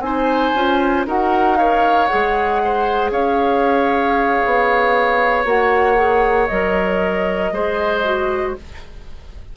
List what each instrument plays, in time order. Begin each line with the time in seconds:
0.00 bassoon C4, clarinet D#4, oboe C5, flute G#5
0.55 bassoon C#4, clarinet F4
1.06 bassoon D#4, clarinet F#4, oboe A#4, flute F#5
1.57 clarinet A#4, oboe C#5, flute F5
2.07 clarinet G#4, flute F#5
2.14 bassoon G#3
2.65 oboe C5
3.11 bassoon C#4, oboe C#5, flute F5
4.46 bassoon B3
5.45 bassoon A#3, clarinet F#4, flute F#5
5.96 clarinet G#4
6.48 bassoon F#3, clarinet A#4, flute D#5
7.52 bassoon G#3, clarinet G#4, oboe C5
8.05 clarinet F#4